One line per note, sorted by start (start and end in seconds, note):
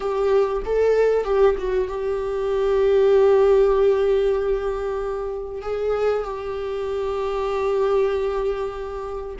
0.00 0.62 G4
0.65 1.24 A4
1.24 1.55 G4
1.57 1.88 F#4
1.88 5.61 G4
5.61 6.23 G#4
6.23 9.36 G4